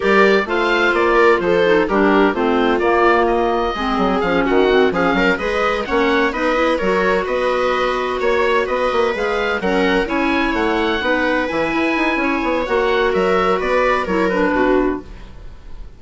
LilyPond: <<
  \new Staff \with { instrumentName = "oboe" } { \time 4/4 \tempo 4 = 128 d''4 f''4 d''4 c''4 | ais'4 c''4 d''4 dis''4~ | dis''4 f''8 fis''4 f''4 dis''8~ | dis''8 fis''4 dis''4 cis''4 dis''8~ |
dis''4. cis''4 dis''4 f''8~ | f''8 fis''4 gis''4 fis''4.~ | fis''8 gis''2~ gis''8 fis''4 | e''4 d''4 cis''8 b'4. | }
  \new Staff \with { instrumentName = "viola" } { \time 4/4 ais'4 c''4. ais'8 a'4 | g'4 f'2. | gis'4. fis'4 gis'8 ais'8 b'8~ | b'8 cis''4 b'4 ais'4 b'8~ |
b'4. cis''4 b'4.~ | b'8 ais'4 cis''2 b'8~ | b'2 cis''2 | ais'4 b'4 ais'4 fis'4 | }
  \new Staff \with { instrumentName = "clarinet" } { \time 4/4 g'4 f'2~ f'8 dis'8 | d'4 c'4 ais2 | c'4 cis'4 c'8 cis'4 gis'8~ | gis'8 cis'4 dis'8 e'8 fis'4.~ |
fis'2.~ fis'8 gis'8~ | gis'8 cis'4 e'2 dis'8~ | dis'8 e'2~ e'8 fis'4~ | fis'2 e'8 d'4. | }
  \new Staff \with { instrumentName = "bassoon" } { \time 4/4 g4 a4 ais4 f4 | g4 a4 ais2 | gis8 fis8 f8 dis4 f8 fis8 gis8~ | gis8 ais4 b4 fis4 b8~ |
b4. ais4 b8 ais8 gis8~ | gis8 fis4 cis'4 a4 b8~ | b8 e8 e'8 dis'8 cis'8 b8 ais4 | fis4 b4 fis4 b,4 | }
>>